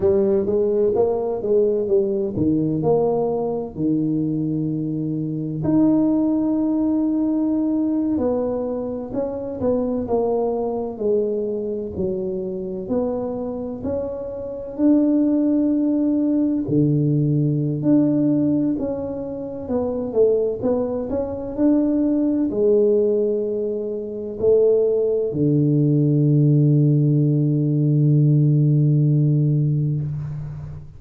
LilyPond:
\new Staff \with { instrumentName = "tuba" } { \time 4/4 \tempo 4 = 64 g8 gis8 ais8 gis8 g8 dis8 ais4 | dis2 dis'2~ | dis'8. b4 cis'8 b8 ais4 gis16~ | gis8. fis4 b4 cis'4 d'16~ |
d'4.~ d'16 d4~ d16 d'4 | cis'4 b8 a8 b8 cis'8 d'4 | gis2 a4 d4~ | d1 | }